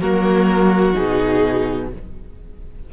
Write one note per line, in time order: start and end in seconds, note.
0.00 0.95 F#3
0.00 0.94 A#3
0.00 1.88 F#4
0.00 0.94 A#4
0.94 1.92 B2
0.94 1.87 D#4
0.94 1.88 G#4